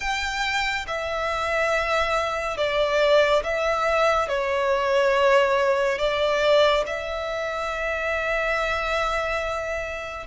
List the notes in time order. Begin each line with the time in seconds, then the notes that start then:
0.00 G5
0.87 E5
2.57 D5
3.43 E5
4.28 C#5
5.98 D5
6.86 E5